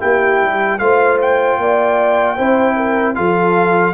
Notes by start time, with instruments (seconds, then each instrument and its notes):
0.00 tuba A#3, trombone E4, horn G4, trumpet G5
0.43 tuba G3
0.79 tuba A3, trombone F4, horn C5, trumpet F5
1.22 trumpet G5
1.58 tuba A#3, horn D5
2.36 tuba C4, trombone E4, horn C5
2.76 horn A#4
3.15 tuba F3, trombone F4, horn A4, trumpet F5